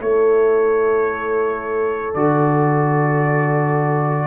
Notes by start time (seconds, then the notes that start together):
0.00 A3 E4 A4 C#5
2.14 D3 F#4 D5